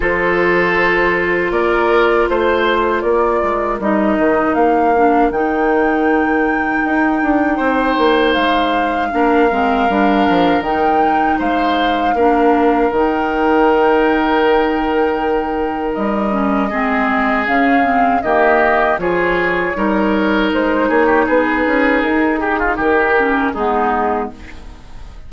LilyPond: <<
  \new Staff \with { instrumentName = "flute" } { \time 4/4 \tempo 4 = 79 c''2 d''4 c''4 | d''4 dis''4 f''4 g''4~ | g''2. f''4~ | f''2 g''4 f''4~ |
f''4 g''2.~ | g''4 dis''2 f''4 | dis''4 cis''2 c''8 cis''8 | b'4 ais'8 gis'8 ais'4 gis'4 | }
  \new Staff \with { instrumentName = "oboe" } { \time 4/4 a'2 ais'4 c''4 | ais'1~ | ais'2 c''2 | ais'2. c''4 |
ais'1~ | ais'2 gis'2 | g'4 gis'4 ais'4. gis'16 g'16 | gis'4. g'16 f'16 g'4 dis'4 | }
  \new Staff \with { instrumentName = "clarinet" } { \time 4/4 f'1~ | f'4 dis'4. d'8 dis'4~ | dis'1 | d'8 c'8 d'4 dis'2 |
d'4 dis'2.~ | dis'4. cis'8 c'4 cis'8 c'8 | ais4 f'4 dis'2~ | dis'2~ dis'8 cis'8 b4 | }
  \new Staff \with { instrumentName = "bassoon" } { \time 4/4 f2 ais4 a4 | ais8 gis8 g8 dis8 ais4 dis4~ | dis4 dis'8 d'8 c'8 ais8 gis4 | ais8 gis8 g8 f8 dis4 gis4 |
ais4 dis2.~ | dis4 g4 gis4 cis4 | dis4 f4 g4 gis8 ais8 | b8 cis'8 dis'4 dis4 gis4 | }
>>